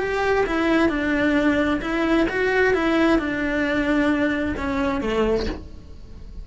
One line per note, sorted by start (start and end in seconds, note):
0.00 0.45 G4
0.47 0.90 E4
0.90 1.81 D4
1.82 2.27 E4
2.30 2.74 F#4
2.74 3.19 E4
3.19 4.55 D4
4.58 5.01 C#4
5.01 5.47 A3